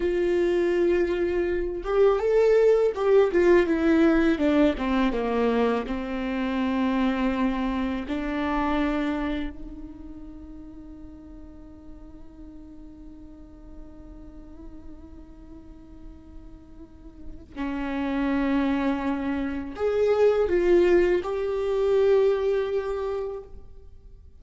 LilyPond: \new Staff \with { instrumentName = "viola" } { \time 4/4 \tempo 4 = 82 f'2~ f'8 g'8 a'4 | g'8 f'8 e'4 d'8 c'8 ais4 | c'2. d'4~ | d'4 dis'2.~ |
dis'1~ | dis'1 | cis'2. gis'4 | f'4 g'2. | }